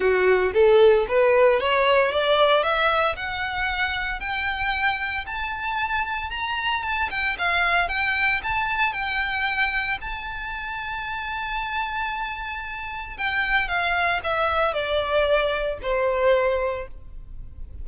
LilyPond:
\new Staff \with { instrumentName = "violin" } { \time 4/4 \tempo 4 = 114 fis'4 a'4 b'4 cis''4 | d''4 e''4 fis''2 | g''2 a''2 | ais''4 a''8 g''8 f''4 g''4 |
a''4 g''2 a''4~ | a''1~ | a''4 g''4 f''4 e''4 | d''2 c''2 | }